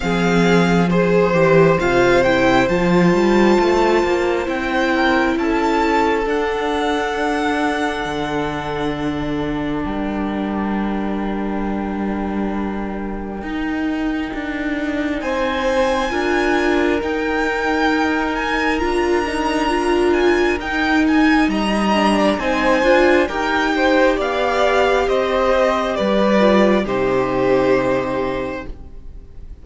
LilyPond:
<<
  \new Staff \with { instrumentName = "violin" } { \time 4/4 \tempo 4 = 67 f''4 c''4 f''8 g''8 a''4~ | a''4 g''4 a''4 fis''4~ | fis''2. g''4~ | g''1~ |
g''4 gis''2 g''4~ | g''8 gis''8 ais''4. gis''8 g''8 gis''8 | ais''4 gis''4 g''4 f''4 | dis''4 d''4 c''2 | }
  \new Staff \with { instrumentName = "violin" } { \time 4/4 gis'4 c''2.~ | c''4. ais'8 a'2~ | a'2. ais'4~ | ais'1~ |
ais'4 c''4 ais'2~ | ais'1 | dis''8. d''16 c''4 ais'8 c''8 d''4 | c''4 b'4 g'2 | }
  \new Staff \with { instrumentName = "viola" } { \time 4/4 c'4 gis'8 g'8 f'8 e'8 f'4~ | f'4 e'2 d'4~ | d'1~ | d'2. dis'4~ |
dis'2 f'4 dis'4~ | dis'4 f'8 dis'8 f'4 dis'4~ | dis'8 d'8 dis'8 f'8 g'2~ | g'4. f'8 dis'2 | }
  \new Staff \with { instrumentName = "cello" } { \time 4/4 f4. e8 c4 f8 g8 | a8 ais8 c'4 cis'4 d'4~ | d'4 d2 g4~ | g2. dis'4 |
d'4 c'4 d'4 dis'4~ | dis'4 d'2 dis'4 | g4 c'8 d'8 dis'4 b4 | c'4 g4 c2 | }
>>